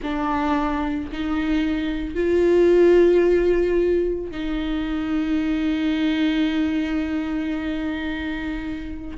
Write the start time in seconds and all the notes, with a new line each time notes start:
0.02 D4
1.12 D#4
2.14 F4
4.31 D#4